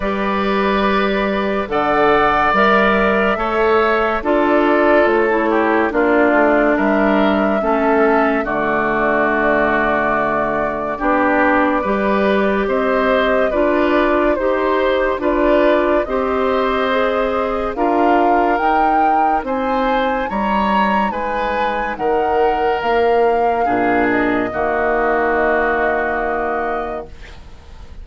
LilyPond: <<
  \new Staff \with { instrumentName = "flute" } { \time 4/4 \tempo 4 = 71 d''2 fis''4 e''4~ | e''4 d''4 cis''4 d''4 | e''2 d''2~ | d''2. dis''4 |
d''4 c''4 d''4 dis''4~ | dis''4 f''4 g''4 gis''4 | ais''4 gis''4 fis''4 f''4~ | f''8 dis''2.~ dis''8 | }
  \new Staff \with { instrumentName = "oboe" } { \time 4/4 b'2 d''2 | cis''4 a'4. g'8 f'4 | ais'4 a'4 fis'2~ | fis'4 g'4 b'4 c''4 |
b'4 c''4 b'4 c''4~ | c''4 ais'2 c''4 | cis''4 b'4 ais'2 | gis'4 fis'2. | }
  \new Staff \with { instrumentName = "clarinet" } { \time 4/4 g'2 a'4 ais'4 | a'4 f'4~ f'16 e'8. d'4~ | d'4 cis'4 a2~ | a4 d'4 g'2 |
f'4 g'4 f'4 g'4 | gis'4 f'4 dis'2~ | dis'1 | d'4 ais2. | }
  \new Staff \with { instrumentName = "bassoon" } { \time 4/4 g2 d4 g4 | a4 d'4 a4 ais8 a8 | g4 a4 d2~ | d4 b4 g4 c'4 |
d'4 dis'4 d'4 c'4~ | c'4 d'4 dis'4 c'4 | g4 gis4 dis4 ais4 | ais,4 dis2. | }
>>